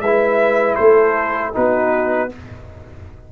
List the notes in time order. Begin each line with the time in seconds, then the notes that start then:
0.00 G#3 E4 B4 E5
0.75 A3 A4 C5
1.53 B3 D#4 F#4 B4